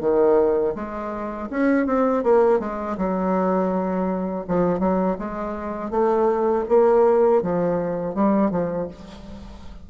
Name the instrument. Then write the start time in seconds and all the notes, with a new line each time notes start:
bassoon
0.00 D#3
0.75 G#3
1.50 C#4
1.86 C4
2.23 A#3
2.59 G#3
2.97 F#3
4.48 F3
4.79 F#3
5.19 G#3
5.90 A3
6.69 A#3
7.42 F3
8.14 G3
8.51 F3